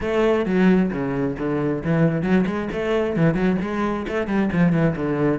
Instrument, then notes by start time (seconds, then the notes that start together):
cello
0.00 A3
0.45 F#3
0.91 C#3
1.38 D3
1.84 E3
2.22 F#3
2.46 G#3
2.72 A3
3.16 E3
3.34 F#3
3.61 G#3
4.08 A3
4.27 G3
4.52 F3
4.72 E3
4.96 D3